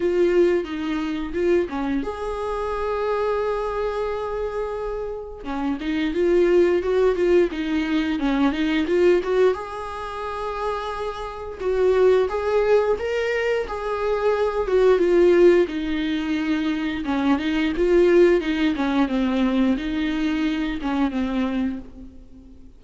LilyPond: \new Staff \with { instrumentName = "viola" } { \time 4/4 \tempo 4 = 88 f'4 dis'4 f'8 cis'8 gis'4~ | gis'1 | cis'8 dis'8 f'4 fis'8 f'8 dis'4 | cis'8 dis'8 f'8 fis'8 gis'2~ |
gis'4 fis'4 gis'4 ais'4 | gis'4. fis'8 f'4 dis'4~ | dis'4 cis'8 dis'8 f'4 dis'8 cis'8 | c'4 dis'4. cis'8 c'4 | }